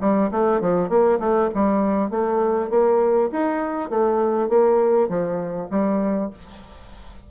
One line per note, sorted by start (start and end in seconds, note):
0.00 0.30 G3
0.31 0.60 A3
0.60 0.89 F3
0.89 1.19 A#3
1.19 1.49 A3
1.54 2.10 G3
2.10 2.69 A3
2.69 3.29 A#3
3.31 3.90 D#4
3.90 4.48 A3
4.48 5.08 A#3
5.08 5.68 F3
5.70 6.30 G3